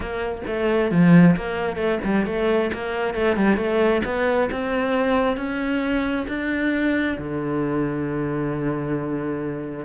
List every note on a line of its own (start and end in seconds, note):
0.00 0.41 A#3
0.47 0.91 A3
0.91 1.36 F3
1.36 1.76 A#3
1.76 1.98 A3
2.04 2.26 G3
2.26 2.70 A3
2.73 3.14 A#3
3.14 3.36 A3
3.36 3.56 G3
3.56 4.01 A3
4.04 4.49 B3
4.51 5.36 C4
5.36 6.26 C#4
6.28 7.17 D4
7.18 9.85 D3